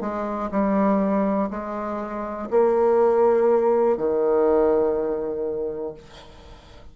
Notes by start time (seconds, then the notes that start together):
0.00 G#3
0.51 G3
1.50 G#3
2.50 A#3
3.97 D#3